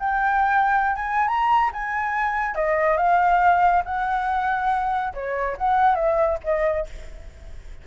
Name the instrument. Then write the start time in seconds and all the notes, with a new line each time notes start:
flute
0.00 G5
0.96 G#5
1.28 A#5
1.73 G#5
2.56 D#5
2.98 F5
3.86 F#5
5.14 C#5
5.58 F#5
5.96 E5
6.44 D#5